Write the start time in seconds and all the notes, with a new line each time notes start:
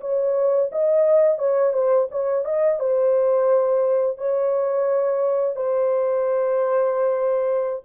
0.00 C#5
0.72 D#5
1.38 C#5
1.73 C5
2.11 C#5
2.45 D#5
2.79 C5
4.17 C#5
5.56 C5